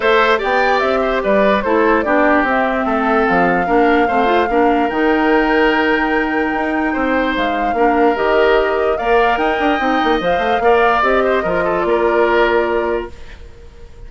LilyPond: <<
  \new Staff \with { instrumentName = "flute" } { \time 4/4 \tempo 4 = 147 e''4 g''4 e''4 d''4 | c''4 d''4 e''2 | f''1 | g''1~ |
g''2 f''2 | dis''2 f''4 g''4~ | g''4 f''2 dis''4~ | dis''4 d''2. | }
  \new Staff \with { instrumentName = "oboe" } { \time 4/4 c''4 d''4. c''8 b'4 | a'4 g'2 a'4~ | a'4 ais'4 c''4 ais'4~ | ais'1~ |
ais'4 c''2 ais'4~ | ais'2 d''4 dis''4~ | dis''2 d''4. c''8 | ais'8 a'8 ais'2. | }
  \new Staff \with { instrumentName = "clarinet" } { \time 4/4 a'4 g'2. | e'4 d'4 c'2~ | c'4 d'4 c'8 f'8 d'4 | dis'1~ |
dis'2. d'4 | g'2 ais'2 | dis'4 c''4 ais'4 g'4 | f'1 | }
  \new Staff \with { instrumentName = "bassoon" } { \time 4/4 a4 b4 c'4 g4 | a4 b4 c'4 a4 | f4 ais4 a4 ais4 | dis1 |
dis'4 c'4 gis4 ais4 | dis2 ais4 dis'8 d'8 | c'8 ais8 f8 a8 ais4 c'4 | f4 ais2. | }
>>